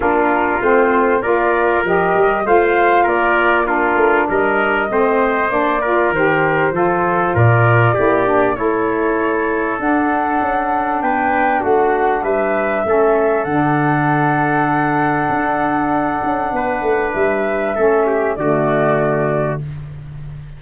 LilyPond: <<
  \new Staff \with { instrumentName = "flute" } { \time 4/4 \tempo 4 = 98 ais'4 c''4 d''4 dis''4 | f''4 d''4 ais'4 dis''4~ | dis''4 d''4 c''2 | d''2 cis''2 |
fis''2 g''4 fis''4 | e''2 fis''2~ | fis''1 | e''2 d''2 | }
  \new Staff \with { instrumentName = "trumpet" } { \time 4/4 f'2 ais'2 | c''4 ais'4 f'4 ais'4 | c''4. ais'4. a'4 | ais'4 g'4 a'2~ |
a'2 b'4 fis'4 | b'4 a'2.~ | a'2. b'4~ | b'4 a'8 g'8 fis'2 | }
  \new Staff \with { instrumentName = "saxophone" } { \time 4/4 d'4 c'4 f'4 g'4 | f'2 d'2 | c'4 d'8 f'8 g'4 f'4~ | f'4 e'8 d'8 e'2 |
d'1~ | d'4 cis'4 d'2~ | d'1~ | d'4 cis'4 a2 | }
  \new Staff \with { instrumentName = "tuba" } { \time 4/4 ais4 a4 ais4 f8 g8 | a4 ais4. a8 g4 | a4 ais4 dis4 f4 | ais,4 ais4 a2 |
d'4 cis'4 b4 a4 | g4 a4 d2~ | d4 d'4. cis'8 b8 a8 | g4 a4 d2 | }
>>